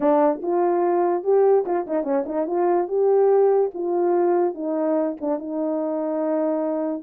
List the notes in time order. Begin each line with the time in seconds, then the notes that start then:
0.00 D4
0.42 F4
1.23 G4
1.65 F4
1.87 D#4
2.03 C#4
2.26 D#4
2.46 F4
2.88 G4
3.74 F4
4.54 D#4
5.20 D4
5.38 D#4